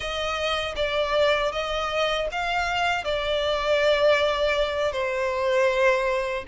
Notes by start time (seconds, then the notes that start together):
0.00 D#5
0.76 D5
1.52 D#5
2.31 F5
3.04 D5
4.92 C5